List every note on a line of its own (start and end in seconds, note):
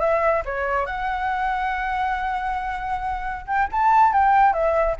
0.00 0.43 E5
0.45 0.86 C#5
0.86 3.45 F#5
3.47 3.68 G5
3.72 4.13 A5
4.13 4.53 G5
4.53 4.96 E5